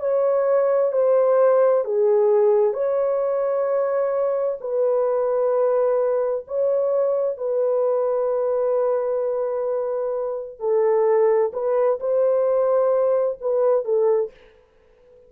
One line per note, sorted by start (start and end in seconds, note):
0.00 0.92 C#5
0.93 1.85 C5
1.85 2.74 G#4
2.74 4.59 C#5
4.61 6.45 B4
6.48 7.38 C#5
7.38 10.60 B4
10.60 11.52 A4
11.53 12.00 B4
12.00 13.38 C5
13.41 13.85 B4
13.85 14.31 A4